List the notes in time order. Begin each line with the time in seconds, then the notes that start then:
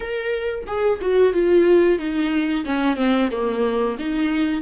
0.00 A#4
0.66 G#4
1.01 F#4
1.33 F4
1.98 D#4
2.65 C#4
2.96 C4
3.31 A#3
3.98 D#4